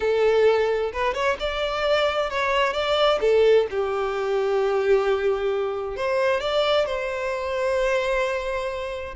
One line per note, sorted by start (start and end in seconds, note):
0.00 0.92 A4
0.92 1.13 B4
1.13 1.36 C#5
1.39 2.29 D5
2.29 2.73 C#5
2.73 3.19 D5
3.21 3.66 A4
3.70 5.96 G4
5.96 6.40 C5
6.40 6.86 D5
6.86 9.15 C5